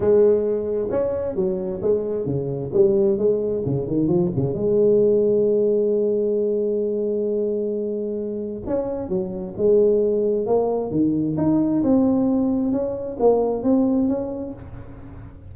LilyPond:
\new Staff \with { instrumentName = "tuba" } { \time 4/4 \tempo 4 = 132 gis2 cis'4 fis4 | gis4 cis4 g4 gis4 | cis8 dis8 f8 cis8 gis2~ | gis1~ |
gis2. cis'4 | fis4 gis2 ais4 | dis4 dis'4 c'2 | cis'4 ais4 c'4 cis'4 | }